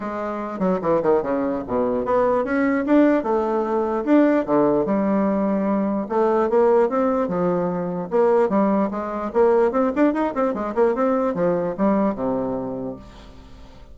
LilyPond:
\new Staff \with { instrumentName = "bassoon" } { \time 4/4 \tempo 4 = 148 gis4. fis8 e8 dis8 cis4 | b,4 b4 cis'4 d'4 | a2 d'4 d4 | g2. a4 |
ais4 c'4 f2 | ais4 g4 gis4 ais4 | c'8 d'8 dis'8 c'8 gis8 ais8 c'4 | f4 g4 c2 | }